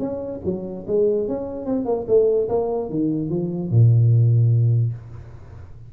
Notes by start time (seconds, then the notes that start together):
0.00 C#4
0.45 F#3
0.88 G#3
1.28 C#4
1.66 C4
1.86 A#3
2.08 A3
2.49 A#3
2.90 D#3
3.30 F3
3.71 A#2